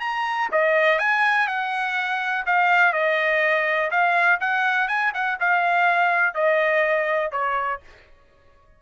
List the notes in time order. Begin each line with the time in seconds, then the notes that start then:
0.00 A#5
0.52 D#5
0.98 G#5
1.47 F#5
2.46 F5
2.92 D#5
3.90 F5
4.40 F#5
4.88 G#5
5.14 F#5
5.40 F5
6.34 D#5
7.31 C#5